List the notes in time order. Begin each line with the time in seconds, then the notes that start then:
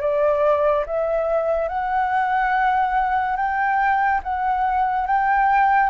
0.00 D5
0.86 E5
1.68 F#5
3.36 G5
4.23 F#5
5.07 G5